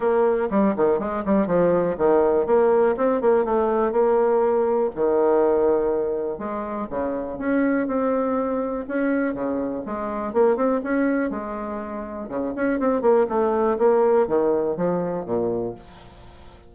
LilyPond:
\new Staff \with { instrumentName = "bassoon" } { \time 4/4 \tempo 4 = 122 ais4 g8 dis8 gis8 g8 f4 | dis4 ais4 c'8 ais8 a4 | ais2 dis2~ | dis4 gis4 cis4 cis'4 |
c'2 cis'4 cis4 | gis4 ais8 c'8 cis'4 gis4~ | gis4 cis8 cis'8 c'8 ais8 a4 | ais4 dis4 f4 ais,4 | }